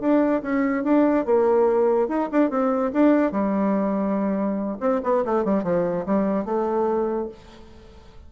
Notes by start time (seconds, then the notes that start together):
0.00 D4
0.42 C#4
0.84 D4
1.25 A#3
2.08 D#4
2.32 D4
2.50 C4
2.93 D4
3.32 G3
4.80 C4
5.04 B3
5.25 A3
5.45 G3
5.63 F3
6.06 G3
6.45 A3